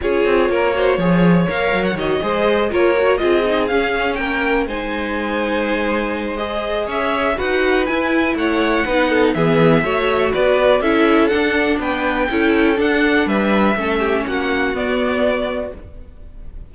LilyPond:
<<
  \new Staff \with { instrumentName = "violin" } { \time 4/4 \tempo 4 = 122 cis''2. f''8. fis''16 | dis''4. cis''4 dis''4 f''8~ | f''8 g''4 gis''2~ gis''8~ | gis''4 dis''4 e''4 fis''4 |
gis''4 fis''2 e''4~ | e''4 d''4 e''4 fis''4 | g''2 fis''4 e''4~ | e''4 fis''4 d''2 | }
  \new Staff \with { instrumentName = "violin" } { \time 4/4 gis'4 ais'8 c''8 cis''2~ | cis''8 c''4 ais'4 gis'4.~ | gis'8 ais'4 c''2~ c''8~ | c''2 cis''4 b'4~ |
b'4 cis''4 b'8 a'8 gis'4 | cis''4 b'4 a'2 | b'4 a'2 b'4 | a'8 g'8 fis'2. | }
  \new Staff \with { instrumentName = "viola" } { \time 4/4 f'4. fis'8 gis'4 ais'4 | fis'8 gis'4 f'8 fis'8 f'8 dis'8 cis'8~ | cis'4. dis'2~ dis'8~ | dis'4 gis'2 fis'4 |
e'2 dis'4 b4 | fis'2 e'4 d'4~ | d'4 e'4 d'2 | cis'2 b2 | }
  \new Staff \with { instrumentName = "cello" } { \time 4/4 cis'8 c'8 ais4 f4 ais8 fis8 | dis8 gis4 ais4 c'4 cis'8~ | cis'8 ais4 gis2~ gis8~ | gis2 cis'4 dis'4 |
e'4 a4 b4 e4 | a4 b4 cis'4 d'4 | b4 cis'4 d'4 g4 | a4 ais4 b2 | }
>>